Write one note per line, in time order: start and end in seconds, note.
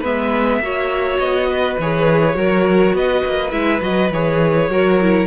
0.00 0.60 G#3
0.00 0.61 B3
0.00 0.58 B4
0.00 1.19 E5
0.60 1.18 A#3
0.60 1.79 F#4
0.60 1.49 C#5
1.18 1.77 B3
1.18 1.77 D#5
1.49 2.36 B4
1.79 2.35 E3
1.79 2.34 G#4
1.79 2.96 C#5
2.34 2.93 F#3
2.34 3.50 F#4
2.34 2.95 A#4
2.93 3.22 B3
2.93 4.70 B4
2.93 3.51 D#5
3.25 3.52 A#3
3.51 3.81 G#3
3.51 3.80 E4
3.51 3.80 E5
3.81 4.10 F#3
3.81 4.10 F#4
3.81 4.12 D#5
4.10 4.68 E3
4.10 4.70 G#4
4.10 5.27 C#5
4.68 5.27 F#3
4.68 4.99 F#4
4.68 5.27 A#4
5.00 5.27 E4